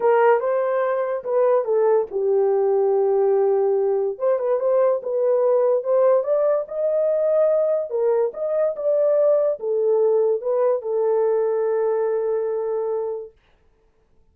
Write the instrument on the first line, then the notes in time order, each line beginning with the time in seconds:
horn
0.00 A#4
0.40 C5
1.24 B4
1.65 A4
2.10 G4
4.18 C5
4.39 B4
4.59 C5
5.02 B4
5.83 C5
6.23 D5
6.68 D#5
7.90 A#4
8.33 D#5
8.76 D5
9.59 A4
10.41 B4
10.82 A4